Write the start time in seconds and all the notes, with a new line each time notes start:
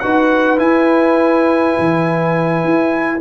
0.00 D#4 F#4 B4 F#5
0.58 E4 G#5
1.79 E3
2.65 E4